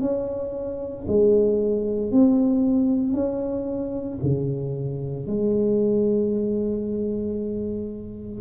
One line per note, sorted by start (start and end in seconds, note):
0.00 1.05 C#4
1.08 2.11 G#3
2.11 3.13 C4
3.13 4.19 C#4
4.22 5.26 C#3
5.26 8.41 G#3